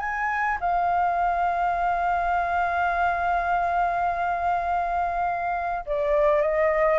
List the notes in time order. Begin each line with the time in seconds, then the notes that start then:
0.00 G#5
0.61 F5
5.86 D5
6.42 D#5